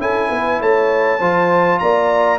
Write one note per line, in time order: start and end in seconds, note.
0.00 0.30 C#4
0.00 1.20 E4
0.00 0.29 A4
0.00 0.61 G#5
0.29 0.61 B3
0.29 0.59 B4
0.60 1.21 A3
0.60 1.19 C#5
0.60 1.79 A5
1.19 1.81 F3
1.19 2.39 F4
1.19 1.79 C5
1.79 2.39 A#3
1.79 2.39 D5
1.79 2.39 A#5